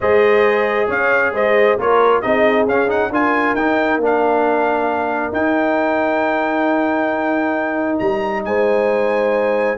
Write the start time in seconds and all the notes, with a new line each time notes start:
0.00 G#3 G#4 C5 D#5
0.87 C#4 C#5 F5
1.32 G#3 C5 D#5
1.78 A#3 F4 A#4 C#5
2.21 C4 D#4 G#4 D#5
2.65 C#4 F5
2.87 D#4 F#5
3.10 D4 F4 A#4 G#5
3.54 D#4 G5
3.97 A#3 D4
4.04 F5
5.31 D#4 G5
7.98 G3 A#5
8.44 G#3 C5 G#5